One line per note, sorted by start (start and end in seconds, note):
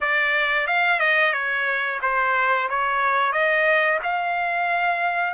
0.00 0.67 D5
0.67 0.99 F5
0.99 1.33 D#5
1.33 1.99 C#5
2.02 2.68 C5
2.69 3.32 C#5
3.32 3.98 D#5
4.03 5.33 F5